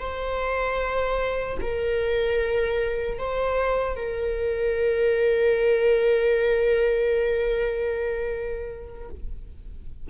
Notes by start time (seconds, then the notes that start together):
0.00 C5
1.61 A#4
3.19 C5
3.96 A#4